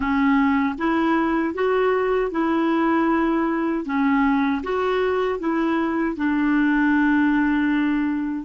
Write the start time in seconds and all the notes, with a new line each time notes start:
0.00 C#4
0.78 E4
1.54 F#4
2.31 E4
3.85 C#4
4.63 F#4
5.39 E4
6.16 D4